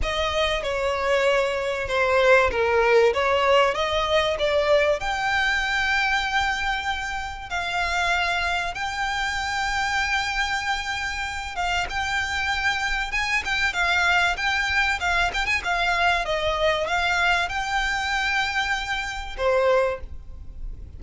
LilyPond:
\new Staff \with { instrumentName = "violin" } { \time 4/4 \tempo 4 = 96 dis''4 cis''2 c''4 | ais'4 cis''4 dis''4 d''4 | g''1 | f''2 g''2~ |
g''2~ g''8 f''8 g''4~ | g''4 gis''8 g''8 f''4 g''4 | f''8 g''16 gis''16 f''4 dis''4 f''4 | g''2. c''4 | }